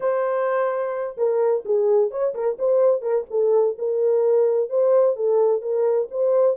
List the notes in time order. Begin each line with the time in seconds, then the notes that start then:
0.00 C5
1.17 A#4
1.65 G#4
2.10 C#5
2.34 A#4
2.58 C5
3.01 A#4
3.30 A4
3.78 A#4
4.69 C5
5.16 A4
5.61 A#4
6.10 C5